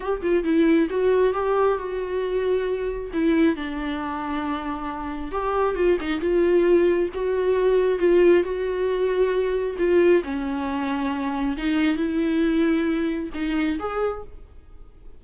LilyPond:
\new Staff \with { instrumentName = "viola" } { \time 4/4 \tempo 4 = 135 g'8 f'8 e'4 fis'4 g'4 | fis'2. e'4 | d'1 | g'4 f'8 dis'8 f'2 |
fis'2 f'4 fis'4~ | fis'2 f'4 cis'4~ | cis'2 dis'4 e'4~ | e'2 dis'4 gis'4 | }